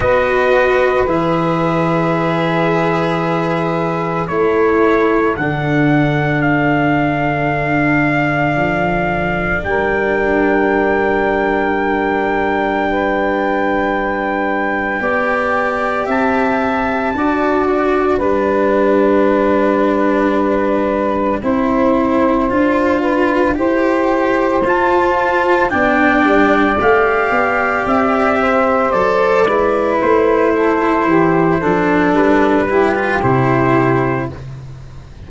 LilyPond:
<<
  \new Staff \with { instrumentName = "trumpet" } { \time 4/4 \tempo 4 = 56 dis''4 e''2. | cis''4 fis''4 f''2~ | f''4 g''2.~ | g''2. a''4~ |
a''8 g''2.~ g''8~ | g''2. a''4 | g''4 f''4 e''4 d''4 | c''2 b'4 c''4 | }
  \new Staff \with { instrumentName = "saxophone" } { \time 4/4 b'1 | a'1~ | a'4 ais'2. | b'2 d''4 e''4 |
d''4 b'2. | c''4. b'8 c''2 | d''2~ d''8 c''4 b'8~ | b'8 a'8 g'8 a'4 g'4. | }
  \new Staff \with { instrumentName = "cello" } { \time 4/4 fis'4 gis'2. | e'4 d'2.~ | d'1~ | d'2 g'2 |
fis'4 d'2. | e'4 f'4 g'4 f'4 | d'4 g'2 a'8 e'8~ | e'4. d'4 e'16 f'16 e'4 | }
  \new Staff \with { instrumentName = "tuba" } { \time 4/4 b4 e2. | a4 d2. | f4 g2.~ | g2 b4 c'4 |
d'4 g2. | c'4 d'4 e'4 f'4 | b8 g8 a8 b8 c'4 fis8 gis8 | a4 e8 f8 g4 c4 | }
>>